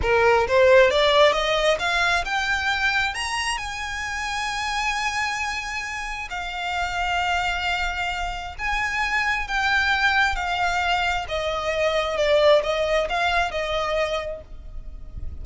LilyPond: \new Staff \with { instrumentName = "violin" } { \time 4/4 \tempo 4 = 133 ais'4 c''4 d''4 dis''4 | f''4 g''2 ais''4 | gis''1~ | gis''2 f''2~ |
f''2. gis''4~ | gis''4 g''2 f''4~ | f''4 dis''2 d''4 | dis''4 f''4 dis''2 | }